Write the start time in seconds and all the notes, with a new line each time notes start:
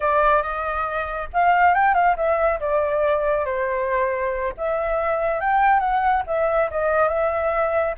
0.00 D5
0.42 D#5
1.33 F5
1.74 G5
1.94 F5
2.16 E5
2.60 D5
3.45 C5
4.57 E5
5.40 G5
5.79 F#5
6.26 E5
6.71 D#5
7.08 E5